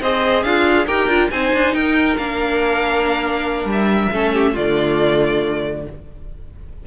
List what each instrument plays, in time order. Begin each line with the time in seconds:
0.00 cello C4, viola G#4, violin C5 D#5
0.43 cello D4, violin F4 F5
0.86 cello D#4, viola G4, violin A#4 G5
1.07 cello D4, viola F4
1.30 cello C4, viola D#4, violin C5 G#5
1.53 cello D4
1.73 cello D#4, violin A#4 G5
2.17 cello A#3, viola D4, violin F5
3.65 cello G3
3.72 violin E5
4.12 cello A3, viola C#4, violin A4
4.34 violin G4
4.53 cello D3, viola A3, violin F4 D5